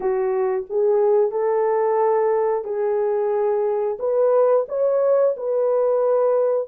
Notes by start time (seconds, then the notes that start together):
0.00 F#4
0.69 G#4
1.31 A4
2.64 G#4
3.99 B4
4.68 C#5
5.37 B4